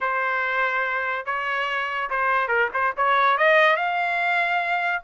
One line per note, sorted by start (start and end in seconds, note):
0.00 1.25 C5
1.25 2.09 C#5
2.10 2.48 C5
2.48 2.69 A#4
2.73 2.94 C5
2.97 3.37 C#5
3.37 3.76 D#5
3.76 5.02 F5